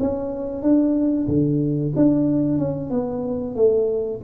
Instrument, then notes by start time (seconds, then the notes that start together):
tuba
0.00 C#4
0.63 D4
1.28 D3
1.96 D4
2.59 C#4
2.91 B3
3.56 A3